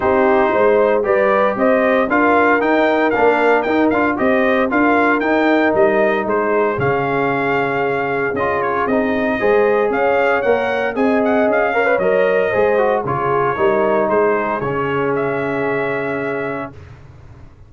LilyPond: <<
  \new Staff \with { instrumentName = "trumpet" } { \time 4/4 \tempo 4 = 115 c''2 d''4 dis''4 | f''4 g''4 f''4 g''8 f''8 | dis''4 f''4 g''4 dis''4 | c''4 f''2. |
dis''8 cis''8 dis''2 f''4 | fis''4 gis''8 fis''8 f''4 dis''4~ | dis''4 cis''2 c''4 | cis''4 e''2. | }
  \new Staff \with { instrumentName = "horn" } { \time 4/4 g'4 c''4 b'4 c''4 | ais'1 | c''4 ais'2. | gis'1~ |
gis'2 c''4 cis''4~ | cis''4 dis''4. cis''4. | c''4 gis'4 ais'4 gis'4~ | gis'1 | }
  \new Staff \with { instrumentName = "trombone" } { \time 4/4 dis'2 g'2 | f'4 dis'4 d'4 dis'8 f'8 | g'4 f'4 dis'2~ | dis'4 cis'2. |
f'4 dis'4 gis'2 | ais'4 gis'4. ais'16 b'16 ais'4 | gis'8 fis'8 f'4 dis'2 | cis'1 | }
  \new Staff \with { instrumentName = "tuba" } { \time 4/4 c'4 gis4 g4 c'4 | d'4 dis'4 ais4 dis'8 d'8 | c'4 d'4 dis'4 g4 | gis4 cis2. |
cis'4 c'4 gis4 cis'4 | ais4 c'4 cis'4 fis4 | gis4 cis4 g4 gis4 | cis1 | }
>>